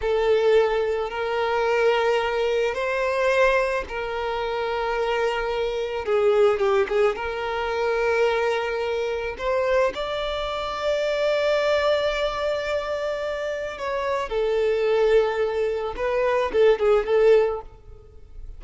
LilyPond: \new Staff \with { instrumentName = "violin" } { \time 4/4 \tempo 4 = 109 a'2 ais'2~ | ais'4 c''2 ais'4~ | ais'2. gis'4 | g'8 gis'8 ais'2.~ |
ais'4 c''4 d''2~ | d''1~ | d''4 cis''4 a'2~ | a'4 b'4 a'8 gis'8 a'4 | }